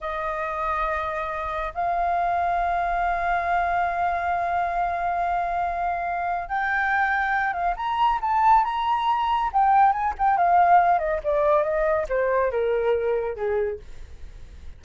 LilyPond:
\new Staff \with { instrumentName = "flute" } { \time 4/4 \tempo 4 = 139 dis''1 | f''1~ | f''1~ | f''2. g''4~ |
g''4. f''8 ais''4 a''4 | ais''2 g''4 gis''8 g''8 | f''4. dis''8 d''4 dis''4 | c''4 ais'2 gis'4 | }